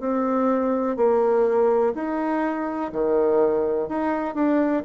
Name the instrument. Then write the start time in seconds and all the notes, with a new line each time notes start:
bassoon
0.00 C4
0.97 A#3
1.95 D#4
2.92 D#3
3.88 D#4
4.35 D4